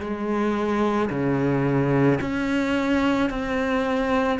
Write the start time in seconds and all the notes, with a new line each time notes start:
0.00 G#3
1.10 C#3
2.21 C#4
3.30 C4